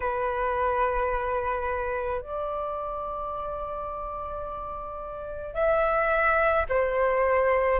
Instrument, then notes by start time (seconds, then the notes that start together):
flute
0.00 B4
2.21 D5
5.54 E5
6.69 C5